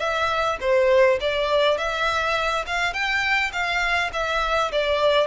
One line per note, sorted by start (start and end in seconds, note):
0.00 0.58 E5
0.61 1.19 C5
1.21 1.78 D5
1.78 2.66 E5
2.67 2.94 F5
2.94 3.52 G5
3.53 4.11 F5
4.14 4.72 E5
4.72 5.27 D5